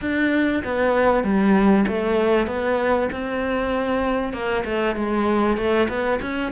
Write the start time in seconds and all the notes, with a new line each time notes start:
0.01 D4
0.64 B3
1.23 G3
1.87 A3
2.47 B3
3.12 C4
4.33 A#3
4.64 A3
4.95 G#3
5.57 A3
5.88 B3
6.21 C#4